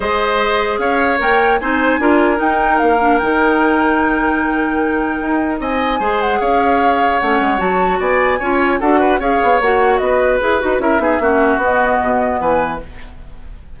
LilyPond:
<<
  \new Staff \with { instrumentName = "flute" } { \time 4/4 \tempo 4 = 150 dis''2 f''4 g''4 | gis''2 g''4 f''4 | g''1~ | g''2 gis''4. fis''8 |
f''2 fis''4 a''4 | gis''2 fis''4 f''4 | fis''4 dis''4 b'4 e''4~ | e''4 dis''2 gis''4 | }
  \new Staff \with { instrumentName = "oboe" } { \time 4/4 c''2 cis''2 | c''4 ais'2.~ | ais'1~ | ais'2 dis''4 c''4 |
cis''1 | d''4 cis''4 a'8 b'8 cis''4~ | cis''4 b'2 ais'8 gis'8 | fis'2. b'4 | }
  \new Staff \with { instrumentName = "clarinet" } { \time 4/4 gis'2. ais'4 | dis'4 f'4 dis'4. d'8 | dis'1~ | dis'2. gis'4~ |
gis'2 cis'4 fis'4~ | fis'4 f'4 fis'4 gis'4 | fis'2 gis'8 fis'8 e'8 dis'8 | cis'4 b2. | }
  \new Staff \with { instrumentName = "bassoon" } { \time 4/4 gis2 cis'4 ais4 | c'4 d'4 dis'4 ais4 | dis1~ | dis4 dis'4 c'4 gis4 |
cis'2 a8 gis8 fis4 | b4 cis'4 d'4 cis'8 b8 | ais4 b4 e'8 dis'8 cis'8 b8 | ais4 b4 b,4 e4 | }
>>